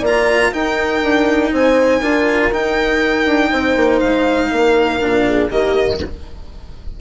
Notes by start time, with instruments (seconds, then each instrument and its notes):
0.00 bassoon A#3, cello F4, horn D5
0.07 violin A#5
0.52 cello D#4, bassoon D#4, horn A#4, violin G5
1.03 bassoon D4
1.53 bassoon C4, horn C5, violin G#5
2.01 bassoon D4, cello F4, horn A#4
2.52 bassoon D#4, cello D#4, violin G5
3.26 bassoon D4
3.51 bassoon C4, horn C5
3.76 bassoon A#3
4.00 bassoon G#3, violin F5
4.52 bassoon A#3, horn A#4
5.01 bassoon A#2, cello D4
5.26 horn G#4
5.50 bassoon D#3, cello A#3, horn G4, violin D#5